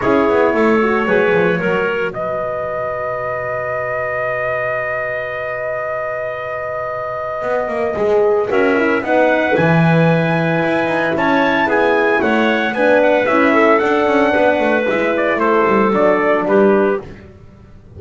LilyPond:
<<
  \new Staff \with { instrumentName = "trumpet" } { \time 4/4 \tempo 4 = 113 cis''1 | dis''1~ | dis''1~ | dis''1 |
e''4 fis''4 gis''2~ | gis''4 a''4 gis''4 fis''4 | gis''8 fis''8 e''4 fis''2 | e''8 d''8 c''4 d''4 b'4 | }
  \new Staff \with { instrumentName = "clarinet" } { \time 4/4 gis'4 a'4 b'4 ais'4 | b'1~ | b'1~ | b'1 |
ais'4 b'2.~ | b'4 cis''4 gis'4 cis''4 | b'4. a'4. b'4~ | b'4 a'2 g'4 | }
  \new Staff \with { instrumentName = "horn" } { \time 4/4 e'4. fis'8 gis'4 fis'4~ | fis'1~ | fis'1~ | fis'2. gis'4 |
fis'8 e'8 dis'4 e'2~ | e'1 | d'4 e'4 d'2 | e'2 d'2 | }
  \new Staff \with { instrumentName = "double bass" } { \time 4/4 cis'8 b8 a4 fis8 f8 fis4 | b,1~ | b,1~ | b,2 b8 ais8 gis4 |
cis'4 b4 e2 | e'8 dis'8 cis'4 b4 a4 | b4 cis'4 d'8 cis'8 b8 a8 | gis4 a8 g8 fis4 g4 | }
>>